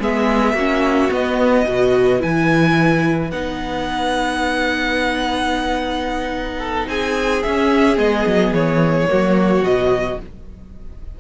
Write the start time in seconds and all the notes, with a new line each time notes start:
0.00 G#3 B3 G#4 E5
0.53 A#3 C#4 F#4
1.10 B3 D#5
1.64 B2 F#4 B4
2.19 E3 E4 G#5
3.31 B3 D#4 F#5
6.59 A4
6.88 C4 G#4 G#5
7.43 C#4 E5
7.97 G#3 B3 D#5
8.26 F#3
8.51 E3 C#5
9.09 F#3 A#3 F#4
9.62 B2 F#3 D#5